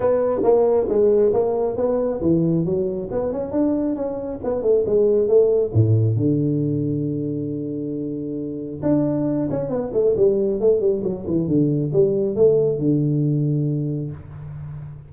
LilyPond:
\new Staff \with { instrumentName = "tuba" } { \time 4/4 \tempo 4 = 136 b4 ais4 gis4 ais4 | b4 e4 fis4 b8 cis'8 | d'4 cis'4 b8 a8 gis4 | a4 a,4 d2~ |
d1 | d'4. cis'8 b8 a8 g4 | a8 g8 fis8 e8 d4 g4 | a4 d2. | }